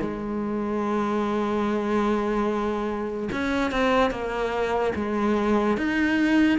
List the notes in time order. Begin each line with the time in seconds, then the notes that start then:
0.00 G#3
3.32 C#4
3.71 C4
4.10 A#3
4.95 G#3
5.77 D#4